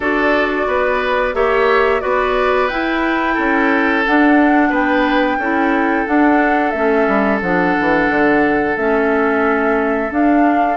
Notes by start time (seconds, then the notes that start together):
0.00 D4 F#4 A4 D5
0.66 B3 B4
1.33 A#3 G4 C#5 E5
2.00 B3 F#4 B4 D5
2.67 E4 G5
3.33 C#4 A4
4.05 D4 F#5
4.69 B3 B4 G5
5.38 C#4 E4 A4
6.06 D4 F#5
6.70 A3 C#4 E5
7.07 G3
7.41 F3 D4 F#5
7.79 E3
8.09 D3
8.76 A3 C#4 E5
10.10 D4 F5